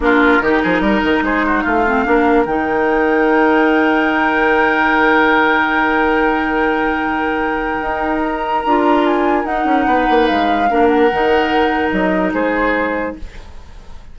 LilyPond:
<<
  \new Staff \with { instrumentName = "flute" } { \time 4/4 \tempo 4 = 146 ais'2. c''4 | f''2 g''2~ | g''1~ | g''1~ |
g''1 | ais''2 gis''4 fis''4~ | fis''4 f''4. fis''4.~ | fis''4 dis''4 c''2 | }
  \new Staff \with { instrumentName = "oboe" } { \time 4/4 f'4 g'8 gis'8 ais'4 gis'8 fis'8 | f'4 ais'2.~ | ais'1~ | ais'1~ |
ais'1~ | ais'1 | b'2 ais'2~ | ais'2 gis'2 | }
  \new Staff \with { instrumentName = "clarinet" } { \time 4/4 d'4 dis'2.~ | dis'8 c'8 d'4 dis'2~ | dis'1~ | dis'1~ |
dis'1~ | dis'4 f'2 dis'4~ | dis'2 d'4 dis'4~ | dis'1 | }
  \new Staff \with { instrumentName = "bassoon" } { \time 4/4 ais4 dis8 f8 g8 dis8 gis4 | a4 ais4 dis2~ | dis1~ | dis1~ |
dis2. dis'4~ | dis'4 d'2 dis'8 cis'8 | b8 ais8 gis4 ais4 dis4~ | dis4 fis4 gis2 | }
>>